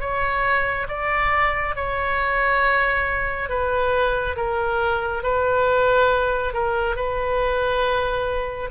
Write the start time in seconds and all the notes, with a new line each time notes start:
0.00 C#5
0.88 D5
1.75 C#5
3.49 B4
4.36 A#4
5.23 B4
6.53 A#4
6.96 B4